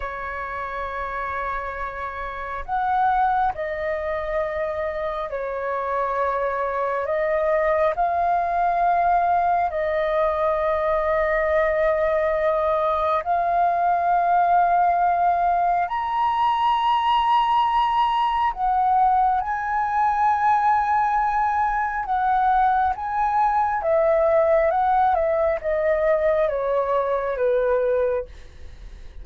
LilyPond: \new Staff \with { instrumentName = "flute" } { \time 4/4 \tempo 4 = 68 cis''2. fis''4 | dis''2 cis''2 | dis''4 f''2 dis''4~ | dis''2. f''4~ |
f''2 ais''2~ | ais''4 fis''4 gis''2~ | gis''4 fis''4 gis''4 e''4 | fis''8 e''8 dis''4 cis''4 b'4 | }